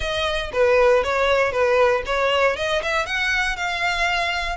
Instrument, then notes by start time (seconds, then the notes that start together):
violin
0.00 D#5
0.52 B4
1.03 C#5
1.52 B4
2.05 C#5
2.56 D#5
2.82 E5
3.06 F#5
3.56 F5